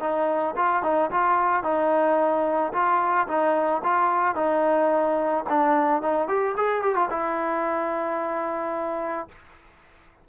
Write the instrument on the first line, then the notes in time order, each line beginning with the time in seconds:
trombone
0.00 D#4
0.56 F4
0.83 D#4
1.11 F4
1.63 D#4
2.72 F4
3.28 D#4
3.83 F4
4.35 D#4
5.49 D4
6.02 D#4
6.28 G4
6.57 G#4
6.82 G4
6.95 F4
7.10 E4